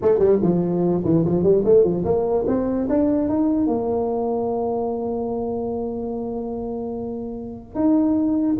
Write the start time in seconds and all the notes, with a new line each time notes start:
0.01 A3
0.19 G3
0.41 F3
1.04 E3
1.25 F3
1.43 G3
1.64 A3
1.83 F3
2.04 A#3
2.47 C4
2.89 D4
3.29 D#4
3.66 A#3
7.74 D#4